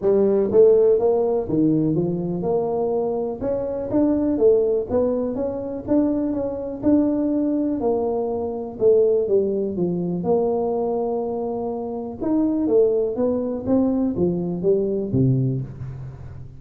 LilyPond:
\new Staff \with { instrumentName = "tuba" } { \time 4/4 \tempo 4 = 123 g4 a4 ais4 dis4 | f4 ais2 cis'4 | d'4 a4 b4 cis'4 | d'4 cis'4 d'2 |
ais2 a4 g4 | f4 ais2.~ | ais4 dis'4 a4 b4 | c'4 f4 g4 c4 | }